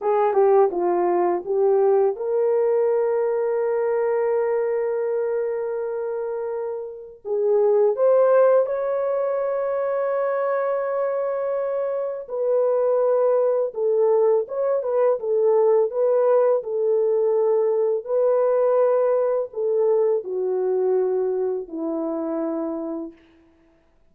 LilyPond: \new Staff \with { instrumentName = "horn" } { \time 4/4 \tempo 4 = 83 gis'8 g'8 f'4 g'4 ais'4~ | ais'1~ | ais'2 gis'4 c''4 | cis''1~ |
cis''4 b'2 a'4 | cis''8 b'8 a'4 b'4 a'4~ | a'4 b'2 a'4 | fis'2 e'2 | }